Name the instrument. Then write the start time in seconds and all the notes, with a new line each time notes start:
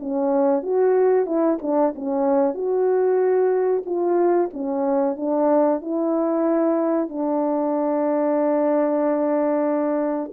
horn
0.00 C#4
0.63 F#4
1.26 E4
1.62 D4
1.95 C#4
2.55 F#4
3.86 F4
4.54 C#4
5.17 D4
5.82 E4
7.09 D4